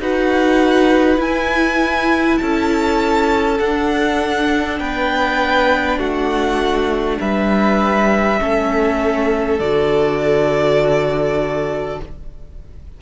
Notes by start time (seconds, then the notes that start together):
0.00 D#4 F#4 B4 F#5
1.18 E4 G#5
2.38 C#4 A4 A5
3.59 D4 F#5
4.79 B3 B4 G5
5.98 A3 F#4 F#5
7.20 G3 B4 E5
8.39 A3 C#4 A4
9.60 D3 F#4 D5